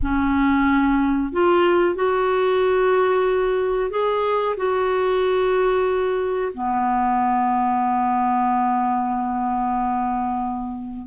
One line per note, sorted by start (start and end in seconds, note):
0.02 1.32 C#4
1.32 1.95 F4
1.95 3.90 F#4
3.90 4.55 G#4
4.56 6.52 F#4
6.53 11.07 B3